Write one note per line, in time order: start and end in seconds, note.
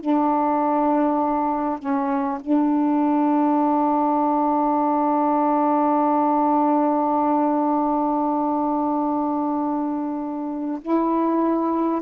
0.00 1.78 D4
1.78 2.38 C#4
2.41 10.81 D4
10.81 12.01 E4